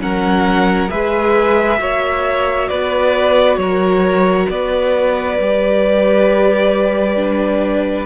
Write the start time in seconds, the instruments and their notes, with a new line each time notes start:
0.00 cello F#3, viola C#4, violin A#4 F#5
0.88 cello G#3, viola G#4, violin B4 E5
1.79 cello A#3, viola F#4, violin C#5
2.68 cello B3, violin B4 D5
3.57 cello F#3, violin A#4 C#5
4.49 cello B3, violin B4 D5
5.40 cello G3, viola G4
7.16 viola D4